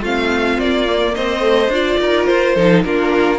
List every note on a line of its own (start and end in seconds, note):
0.00 0.58 A3
0.00 0.87 C4
0.00 1.13 F4
0.00 0.59 F5
0.58 1.15 A#3
0.58 1.14 D5
0.87 1.40 A#3
1.14 1.68 C4
1.14 2.00 C5
1.14 1.71 D#5
1.40 1.69 A3
1.68 1.96 D4
1.68 2.57 F4
1.74 2.25 D5
1.99 2.27 D#4
1.99 2.55 A#4
2.25 2.56 F4
2.25 2.82 C5
2.55 2.84 F3
2.55 2.85 D#4
2.55 2.83 A4
2.84 3.38 A#3
2.84 3.38 D4
2.84 3.38 F4
2.84 3.38 A#4